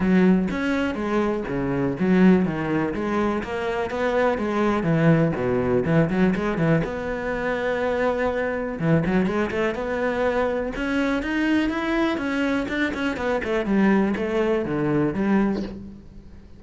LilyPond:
\new Staff \with { instrumentName = "cello" } { \time 4/4 \tempo 4 = 123 fis4 cis'4 gis4 cis4 | fis4 dis4 gis4 ais4 | b4 gis4 e4 b,4 | e8 fis8 gis8 e8 b2~ |
b2 e8 fis8 gis8 a8 | b2 cis'4 dis'4 | e'4 cis'4 d'8 cis'8 b8 a8 | g4 a4 d4 g4 | }